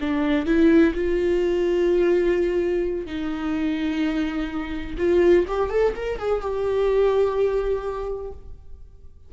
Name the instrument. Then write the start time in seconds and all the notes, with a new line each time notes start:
viola
0.00 D4
0.46 E4
0.94 F4
3.06 D#4
4.98 F4
5.48 G4
5.69 A4
5.96 A#4
6.18 G#4
6.41 G4